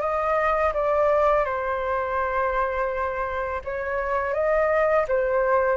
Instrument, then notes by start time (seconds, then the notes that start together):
flute
0.00 D#5
0.73 D5
1.44 C5
3.64 C#5
4.33 D#5
5.07 C5